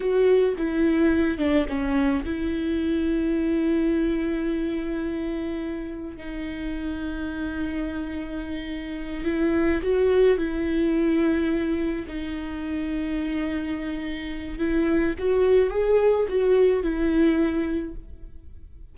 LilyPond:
\new Staff \with { instrumentName = "viola" } { \time 4/4 \tempo 4 = 107 fis'4 e'4. d'8 cis'4 | e'1~ | e'2. dis'4~ | dis'1~ |
dis'8 e'4 fis'4 e'4.~ | e'4. dis'2~ dis'8~ | dis'2 e'4 fis'4 | gis'4 fis'4 e'2 | }